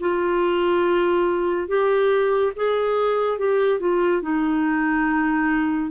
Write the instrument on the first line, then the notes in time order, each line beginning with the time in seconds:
clarinet
0.00 F4
1.68 G4
2.56 G#4
3.38 G4
3.80 F4
4.22 D#4